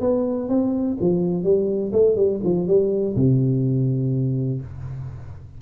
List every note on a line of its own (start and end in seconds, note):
0.00 0.48 B3
0.48 0.97 C4
1.00 1.43 F3
1.43 1.91 G3
1.92 2.16 A3
2.16 2.40 G3
2.43 2.67 F3
2.67 3.15 G3
3.15 4.61 C3